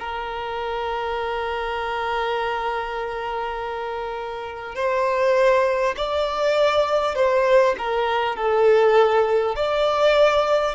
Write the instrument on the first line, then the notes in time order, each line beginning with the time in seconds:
violin
0.00 A#4
4.76 C5
5.97 D5
7.16 C5
7.78 A#4
8.37 A4
9.56 D5